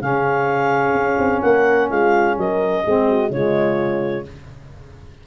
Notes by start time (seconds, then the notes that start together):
0.00 C#3 C#4 G#4 F5
0.94 C#4
1.19 C4
1.41 A#3 A#4 F#5
1.89 G#3 F4 F5
2.37 F#3 A#4 D#5
2.84 G#3 C4 G#4
3.08 F#4
3.29 C#3 G#3 F4 C#5